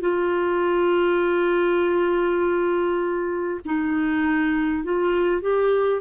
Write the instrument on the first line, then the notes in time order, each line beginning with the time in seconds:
clarinet
0.00 F4
3.65 D#4
4.83 F4
5.41 G4